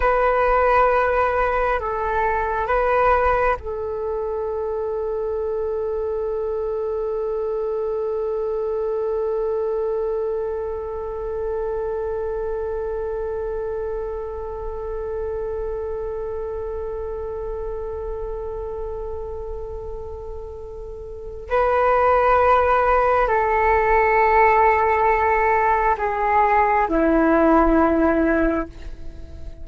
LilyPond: \new Staff \with { instrumentName = "flute" } { \time 4/4 \tempo 4 = 67 b'2 a'4 b'4 | a'1~ | a'1~ | a'1~ |
a'1~ | a'1 | b'2 a'2~ | a'4 gis'4 e'2 | }